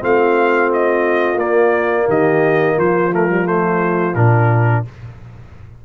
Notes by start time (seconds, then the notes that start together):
0.00 A3 C4 F4 F5
0.74 D#5
1.35 A#3 D5
2.08 D#3 G4 D#5
2.77 F3 F4 C5
3.12 A3 A#4
3.29 G3
3.44 A3 C5
4.16 A#2 D4 A#4